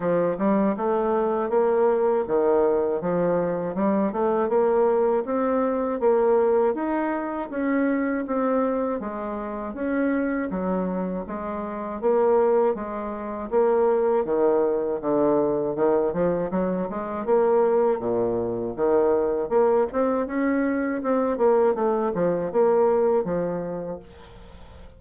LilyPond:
\new Staff \with { instrumentName = "bassoon" } { \time 4/4 \tempo 4 = 80 f8 g8 a4 ais4 dis4 | f4 g8 a8 ais4 c'4 | ais4 dis'4 cis'4 c'4 | gis4 cis'4 fis4 gis4 |
ais4 gis4 ais4 dis4 | d4 dis8 f8 fis8 gis8 ais4 | ais,4 dis4 ais8 c'8 cis'4 | c'8 ais8 a8 f8 ais4 f4 | }